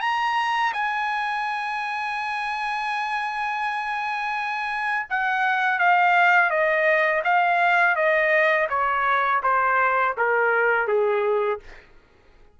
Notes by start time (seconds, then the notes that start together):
0.00 A#5
0.73 G#5
5.09 F#5
5.79 F5
6.50 D#5
7.24 F5
7.95 D#5
8.69 C#5
9.43 C5
10.17 A#4
10.87 G#4